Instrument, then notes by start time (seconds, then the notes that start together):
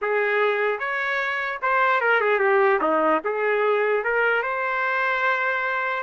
trumpet
0.01 G#4
0.79 C#5
1.62 C5
2.01 A#4
2.21 G#4
2.39 G4
2.81 D#4
3.24 G#4
4.04 A#4
4.42 C5